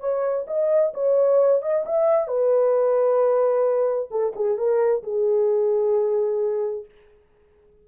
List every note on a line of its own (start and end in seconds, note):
0.00 0.45 C#5
0.47 0.93 D#5
0.94 1.62 C#5
1.62 1.85 D#5
1.86 2.27 E5
2.27 4.09 B4
4.11 4.33 A4
4.36 4.57 G#4
4.57 5.03 A#4
5.03 6.85 G#4